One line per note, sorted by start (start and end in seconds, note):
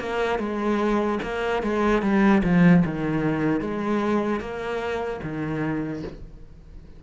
0.00 0.40 A#3
0.40 1.20 G#3
1.23 1.63 A#3
1.63 2.03 G#3
2.03 2.43 G3
2.44 2.84 F3
2.85 3.61 D#3
3.61 4.40 G#3
4.40 5.20 A#3
5.23 6.03 D#3